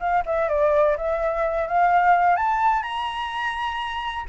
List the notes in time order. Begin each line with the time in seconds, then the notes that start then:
0.00 F5
0.26 E5
0.49 D5
0.97 E5
1.68 F5
2.37 A5
2.83 A#5